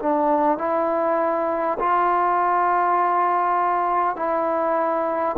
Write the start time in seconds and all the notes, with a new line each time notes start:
0.00 D4
0.58 E4
1.80 F4
4.17 E4